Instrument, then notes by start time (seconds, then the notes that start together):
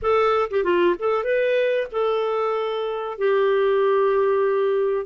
clarinet
0.01 A4
0.50 G4
0.63 F4
0.98 A4
1.24 B4
1.91 A4
3.18 G4